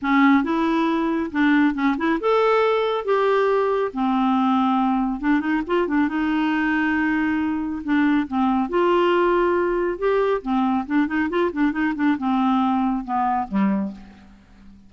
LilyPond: \new Staff \with { instrumentName = "clarinet" } { \time 4/4 \tempo 4 = 138 cis'4 e'2 d'4 | cis'8 e'8 a'2 g'4~ | g'4 c'2. | d'8 dis'8 f'8 d'8 dis'2~ |
dis'2 d'4 c'4 | f'2. g'4 | c'4 d'8 dis'8 f'8 d'8 dis'8 d'8 | c'2 b4 g4 | }